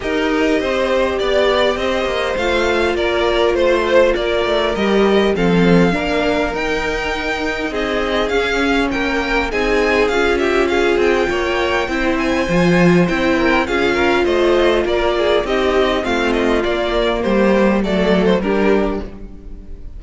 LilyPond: <<
  \new Staff \with { instrumentName = "violin" } { \time 4/4 \tempo 4 = 101 dis''2 d''4 dis''4 | f''4 d''4 c''4 d''4 | dis''4 f''2 g''4~ | g''4 dis''4 f''4 g''4 |
gis''4 f''8 e''8 f''8 g''4.~ | g''8 gis''4. g''4 f''4 | dis''4 d''4 dis''4 f''8 dis''8 | d''4 c''4 d''8. c''16 ais'4 | }
  \new Staff \with { instrumentName = "violin" } { \time 4/4 ais'4 c''4 d''4 c''4~ | c''4 ais'4 c''4 ais'4~ | ais'4 a'4 ais'2~ | ais'4 gis'2 ais'4 |
gis'4. g'8 gis'4 cis''4 | c''2~ c''8 ais'8 gis'8 ais'8 | c''4 ais'8 gis'8 g'4 f'4~ | f'4 g'4 a'4 g'4 | }
  \new Staff \with { instrumentName = "viola" } { \time 4/4 g'1 | f'1 | g'4 c'4 d'4 dis'4~ | dis'2 cis'2 |
dis'4 f'2. | e'4 f'4 e'4 f'4~ | f'2 dis'4 c'4 | ais2 a4 d'4 | }
  \new Staff \with { instrumentName = "cello" } { \time 4/4 dis'4 c'4 b4 c'8 ais8 | a4 ais4 a4 ais8 a8 | g4 f4 ais4 dis'4~ | dis'4 c'4 cis'4 ais4 |
c'4 cis'4. c'8 ais4 | c'4 f4 c'4 cis'4 | a4 ais4 c'4 a4 | ais4 g4 fis4 g4 | }
>>